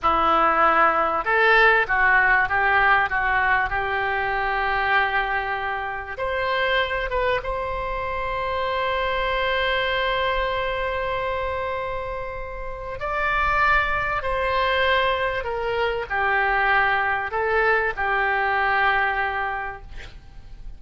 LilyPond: \new Staff \with { instrumentName = "oboe" } { \time 4/4 \tempo 4 = 97 e'2 a'4 fis'4 | g'4 fis'4 g'2~ | g'2 c''4. b'8 | c''1~ |
c''1~ | c''4 d''2 c''4~ | c''4 ais'4 g'2 | a'4 g'2. | }